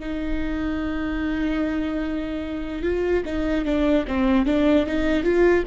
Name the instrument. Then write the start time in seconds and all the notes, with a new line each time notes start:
viola
0.00 D#4
2.83 F4
3.26 D#4
3.65 D4
4.08 C4
4.46 D4
4.86 D#4
5.23 F4